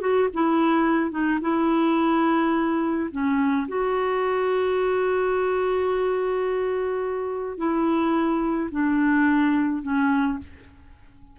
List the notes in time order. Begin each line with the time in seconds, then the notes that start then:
0.00 F#4
0.33 E4
1.11 D#4
1.41 E4
3.11 C#4
3.68 F#4
7.57 E4
8.71 D4
9.82 C#4